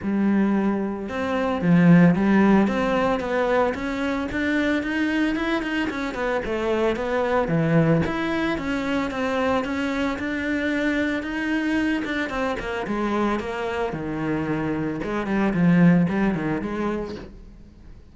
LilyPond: \new Staff \with { instrumentName = "cello" } { \time 4/4 \tempo 4 = 112 g2 c'4 f4 | g4 c'4 b4 cis'4 | d'4 dis'4 e'8 dis'8 cis'8 b8 | a4 b4 e4 e'4 |
cis'4 c'4 cis'4 d'4~ | d'4 dis'4. d'8 c'8 ais8 | gis4 ais4 dis2 | gis8 g8 f4 g8 dis8 gis4 | }